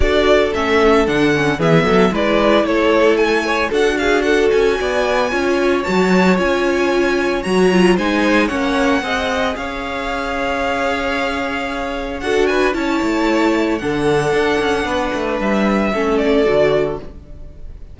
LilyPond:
<<
  \new Staff \with { instrumentName = "violin" } { \time 4/4 \tempo 4 = 113 d''4 e''4 fis''4 e''4 | d''4 cis''4 gis''4 fis''8 f''8 | fis''8 gis''2~ gis''8 a''4 | gis''2 ais''4 gis''4 |
fis''2 f''2~ | f''2. fis''8 gis''8 | a''2 fis''2~ | fis''4 e''4. d''4. | }
  \new Staff \with { instrumentName = "violin" } { \time 4/4 a'2. gis'8 a'8 | b'4 a'4. cis''8 a'8 gis'8 | a'4 d''4 cis''2~ | cis''2. c''4 |
cis''4 dis''4 cis''2~ | cis''2. a'8 b'8 | cis''2 a'2 | b'2 a'2 | }
  \new Staff \with { instrumentName = "viola" } { \time 4/4 fis'4 cis'4 d'8 cis'8 b4 | e'2. fis'4~ | fis'2 f'4 fis'4 | f'2 fis'8 f'8 dis'4 |
cis'4 gis'2.~ | gis'2. fis'4 | e'2 d'2~ | d'2 cis'4 fis'4 | }
  \new Staff \with { instrumentName = "cello" } { \time 4/4 d'4 a4 d4 e8 fis8 | gis4 a2 d'4~ | d'8 cis'8 b4 cis'4 fis4 | cis'2 fis4 gis4 |
ais4 c'4 cis'2~ | cis'2. d'4 | cis'8 a4. d4 d'8 cis'8 | b8 a8 g4 a4 d4 | }
>>